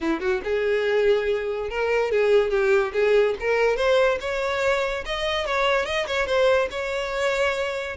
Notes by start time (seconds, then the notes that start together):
0.00 E4
0.20 F#4
0.44 G#4
1.69 A#4
2.11 G#4
2.50 G4
2.93 G#4
3.39 A#4
3.76 C5
4.20 C#5
5.05 D#5
5.45 C#5
5.85 D#5
6.06 C#5
6.26 C5
6.70 C#5